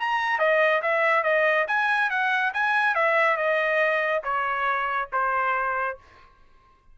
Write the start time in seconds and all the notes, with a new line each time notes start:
0.00 A#5
0.39 D#5
0.82 E5
1.24 D#5
1.68 G#5
2.10 F#5
2.54 G#5
2.95 E5
3.37 D#5
4.24 C#5
5.13 C5